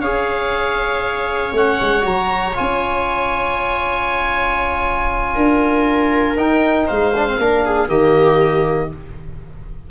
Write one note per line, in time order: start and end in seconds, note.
0.00 1.52 C#4
0.00 1.53 G#4
0.00 5.34 C#5
0.00 1.53 F5
1.52 1.78 A3
1.52 2.00 C#4
1.52 2.05 F#5
1.80 2.04 G#3
2.00 2.55 F#3
2.00 2.51 F#4
2.00 2.56 A#5
2.54 5.36 C#4
2.54 6.35 F4
2.54 6.37 G#5
5.34 6.36 D4
5.34 6.86 A#4
6.36 6.87 D#4
6.36 7.13 D#4
6.36 6.87 G5
6.86 7.37 G#3
6.86 7.37 C5
6.86 7.88 F5
7.15 7.28 D4
7.28 7.39 C4
7.37 7.87 A#3
7.37 7.88 D4
7.37 7.65 A#4
7.65 7.88 G#4
7.87 8.89 D#3
7.87 8.89 A#3
7.87 8.90 G4
7.87 8.90 D#5